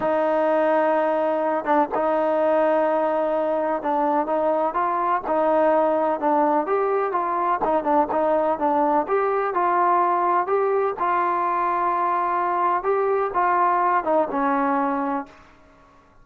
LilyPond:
\new Staff \with { instrumentName = "trombone" } { \time 4/4 \tempo 4 = 126 dis'2.~ dis'8 d'8 | dis'1 | d'4 dis'4 f'4 dis'4~ | dis'4 d'4 g'4 f'4 |
dis'8 d'8 dis'4 d'4 g'4 | f'2 g'4 f'4~ | f'2. g'4 | f'4. dis'8 cis'2 | }